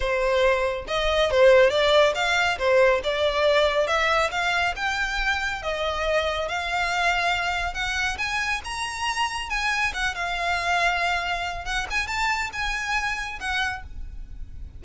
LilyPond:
\new Staff \with { instrumentName = "violin" } { \time 4/4 \tempo 4 = 139 c''2 dis''4 c''4 | d''4 f''4 c''4 d''4~ | d''4 e''4 f''4 g''4~ | g''4 dis''2 f''4~ |
f''2 fis''4 gis''4 | ais''2 gis''4 fis''8 f''8~ | f''2. fis''8 gis''8 | a''4 gis''2 fis''4 | }